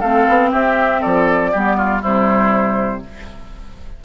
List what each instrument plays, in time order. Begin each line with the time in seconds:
0.00 bassoon A3, clarinet C4, oboe A4, flute F5
0.28 bassoon B3
0.51 bassoon C4, oboe G4, flute E5
1.01 bassoon F3, oboe A4, flute D5
1.52 bassoon G3, clarinet B3, oboe G4
1.77 oboe F4
2.01 bassoon C3, clarinet G3, oboe E4, flute C5